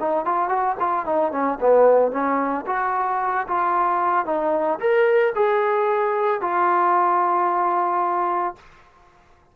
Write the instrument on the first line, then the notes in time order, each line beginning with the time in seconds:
trombone
0.00 D#4
0.26 F4
0.49 F#4
0.80 F4
1.06 D#4
1.32 C#4
1.61 B3
2.12 C#4
2.67 F#4
3.48 F4
4.26 D#4
4.80 A#4
5.35 G#4
6.42 F4